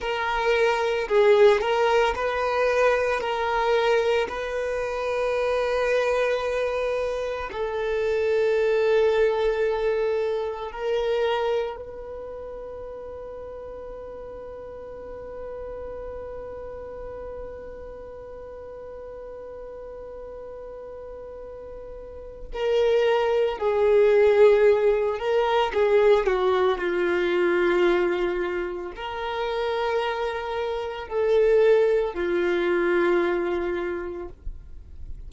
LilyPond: \new Staff \with { instrumentName = "violin" } { \time 4/4 \tempo 4 = 56 ais'4 gis'8 ais'8 b'4 ais'4 | b'2. a'4~ | a'2 ais'4 b'4~ | b'1~ |
b'1~ | b'4 ais'4 gis'4. ais'8 | gis'8 fis'8 f'2 ais'4~ | ais'4 a'4 f'2 | }